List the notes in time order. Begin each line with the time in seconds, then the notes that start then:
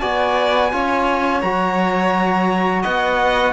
0.00 B3 F#4 D5 G#5
0.72 C#4 F4 C#5
1.42 F#3 F#4 A#5
2.83 B3 D#5 F#5